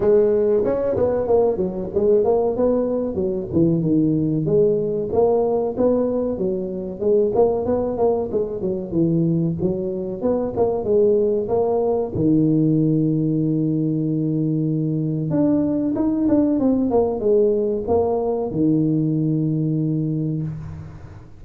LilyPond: \new Staff \with { instrumentName = "tuba" } { \time 4/4 \tempo 4 = 94 gis4 cis'8 b8 ais8 fis8 gis8 ais8 | b4 fis8 e8 dis4 gis4 | ais4 b4 fis4 gis8 ais8 | b8 ais8 gis8 fis8 e4 fis4 |
b8 ais8 gis4 ais4 dis4~ | dis1 | d'4 dis'8 d'8 c'8 ais8 gis4 | ais4 dis2. | }